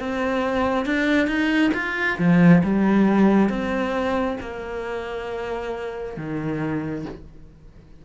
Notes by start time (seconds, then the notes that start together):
0.00 C4
0.86 D4
1.28 D#4
1.74 F4
2.19 F3
2.64 G3
3.49 C4
4.41 A#3
6.17 D#3